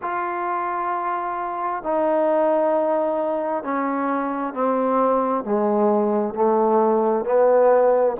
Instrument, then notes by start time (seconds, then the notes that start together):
trombone
0.02 F4
1.83 D#4
3.63 C#4
4.53 C4
5.44 G#3
6.34 A3
7.25 B3